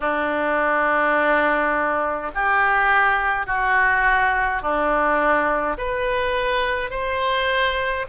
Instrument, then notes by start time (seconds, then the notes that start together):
oboe
0.00 D4
2.34 G4
3.46 F#4
4.62 D4
5.77 B4
6.90 C5